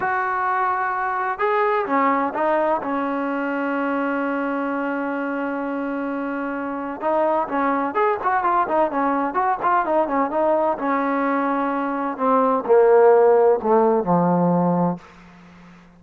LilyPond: \new Staff \with { instrumentName = "trombone" } { \time 4/4 \tempo 4 = 128 fis'2. gis'4 | cis'4 dis'4 cis'2~ | cis'1~ | cis'2. dis'4 |
cis'4 gis'8 fis'8 f'8 dis'8 cis'4 | fis'8 f'8 dis'8 cis'8 dis'4 cis'4~ | cis'2 c'4 ais4~ | ais4 a4 f2 | }